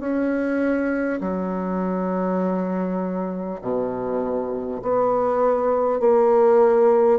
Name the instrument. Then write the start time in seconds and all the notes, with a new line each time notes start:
bassoon
0.00 C#4
1.21 F#3
3.62 B2
4.82 B3
6.00 A#3